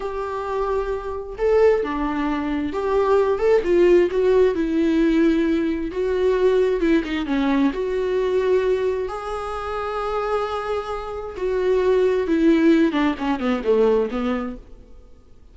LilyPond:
\new Staff \with { instrumentName = "viola" } { \time 4/4 \tempo 4 = 132 g'2. a'4 | d'2 g'4. a'8 | f'4 fis'4 e'2~ | e'4 fis'2 e'8 dis'8 |
cis'4 fis'2. | gis'1~ | gis'4 fis'2 e'4~ | e'8 d'8 cis'8 b8 a4 b4 | }